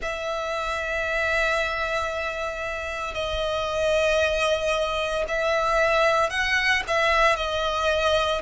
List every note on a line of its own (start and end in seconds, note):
0.02 3.14 E5
3.14 5.24 D#5
5.28 6.30 E5
6.30 6.82 F#5
6.87 7.36 E5
7.36 8.41 D#5